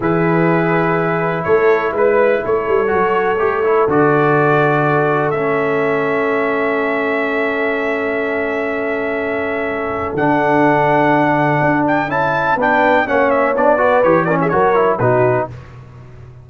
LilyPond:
<<
  \new Staff \with { instrumentName = "trumpet" } { \time 4/4 \tempo 4 = 124 b'2. cis''4 | b'4 cis''2. | d''2. e''4~ | e''1~ |
e''1~ | e''4 fis''2.~ | fis''8 g''8 a''4 g''4 fis''8 e''8 | d''4 cis''8 d''16 e''16 cis''4 b'4 | }
  \new Staff \with { instrumentName = "horn" } { \time 4/4 gis'2. a'4 | b'4 a'2.~ | a'1~ | a'1~ |
a'1~ | a'1~ | a'2 b'4 cis''4~ | cis''8 b'4 ais'16 gis'16 ais'4 fis'4 | }
  \new Staff \with { instrumentName = "trombone" } { \time 4/4 e'1~ | e'2 fis'4 g'8 e'8 | fis'2. cis'4~ | cis'1~ |
cis'1~ | cis'4 d'2.~ | d'4 e'4 d'4 cis'4 | d'8 fis'8 g'8 cis'8 fis'8 e'8 dis'4 | }
  \new Staff \with { instrumentName = "tuba" } { \time 4/4 e2. a4 | gis4 a8 g8 fis4 a4 | d2. a4~ | a1~ |
a1~ | a4 d2. | d'4 cis'4 b4 ais4 | b4 e4 fis4 b,4 | }
>>